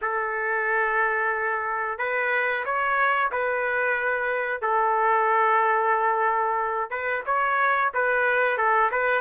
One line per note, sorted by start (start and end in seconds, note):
0.01 1.98 A4
1.98 2.64 B4
2.65 3.31 C#5
3.31 4.61 B4
4.61 6.90 A4
6.90 7.23 B4
7.26 7.92 C#5
7.93 8.57 B4
8.57 8.90 A4
8.91 9.21 B4